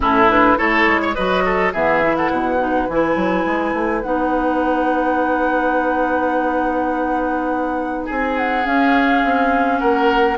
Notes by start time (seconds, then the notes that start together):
0.00 A2 C#4 E4 A4
0.28 D4 B4
0.57 A3 E4 A4 C#5
0.87 G#3
1.01 C#5
1.14 F#3 F#4 B4 D#5
1.44 A4
1.72 E3 B3 G#4 E5
2.02 E4
2.16 A4 F#5
2.30 B2 B4
2.59 D#4
2.88 E3 E4 G#5
3.15 F#3
3.45 G#3
3.73 A3
4.01 B3 D#4 F#5
8.05 C4 G#4 G#5
8.37 F#5
8.64 C#4 F5
9.24 C4
9.79 A#3 A#4 F#5